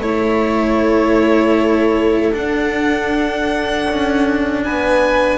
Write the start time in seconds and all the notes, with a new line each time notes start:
0.00 A3 E4 A4 C#5
2.32 D4 F#5
3.90 C#4
4.63 B3 B4 G#5